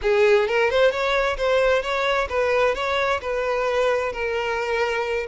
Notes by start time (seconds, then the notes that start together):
0.02 G#4
0.47 A#4
0.70 C5
0.91 C#5
1.37 C5
1.82 C#5
2.29 B4
2.74 C#5
3.21 B4
4.12 A#4